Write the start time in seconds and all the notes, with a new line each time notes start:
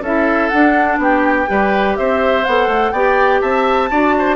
0.00 C#4 E4 A4 E5
0.48 D4 F#5
0.98 B3 G4 G5
1.47 G3 G4 B4
1.96 C4 C5 E5
2.44 B3 A4 F#5
2.67 A3
2.91 B3 G4 D5 G5
3.41 C4 E5 A5
3.90 D4 F#4 D5
4.18 C5